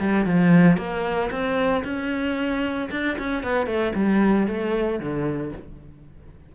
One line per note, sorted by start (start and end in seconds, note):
0.00 0.26 G3
0.26 0.78 F3
0.78 1.30 A#3
1.31 1.83 C4
1.84 2.90 C#4
2.91 3.17 D4
3.19 3.44 C#4
3.44 3.67 B3
3.67 3.93 A3
3.96 4.47 G3
4.47 5.00 A3
5.00 5.53 D3